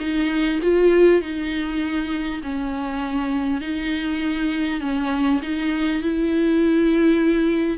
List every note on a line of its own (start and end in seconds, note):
0.00 0.60 D#4
0.62 1.22 F4
1.22 2.42 D#4
2.43 3.61 C#4
3.61 4.81 D#4
4.81 5.41 C#4
5.43 6.02 D#4
6.02 7.78 E4